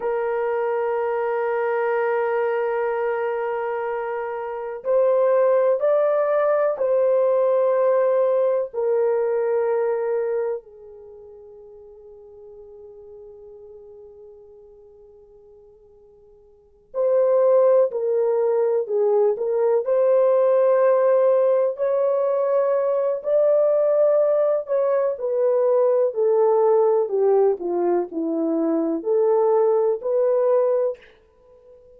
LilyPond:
\new Staff \with { instrumentName = "horn" } { \time 4/4 \tempo 4 = 62 ais'1~ | ais'4 c''4 d''4 c''4~ | c''4 ais'2 gis'4~ | gis'1~ |
gis'4. c''4 ais'4 gis'8 | ais'8 c''2 cis''4. | d''4. cis''8 b'4 a'4 | g'8 f'8 e'4 a'4 b'4 | }